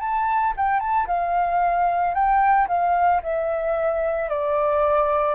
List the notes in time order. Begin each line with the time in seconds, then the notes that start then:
0.00 A5
0.56 G5
0.80 A5
1.07 F5
2.14 G5
2.68 F5
3.22 E5
4.29 D5